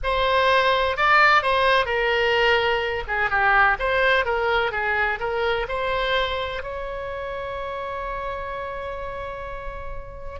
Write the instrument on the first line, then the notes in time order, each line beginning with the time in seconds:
oboe
0.03 C5
0.96 D5
1.42 C5
1.85 A#4
3.07 G#4
3.29 G4
3.79 C5
4.25 A#4
4.71 G#4
5.19 A#4
5.68 C5
6.62 C#5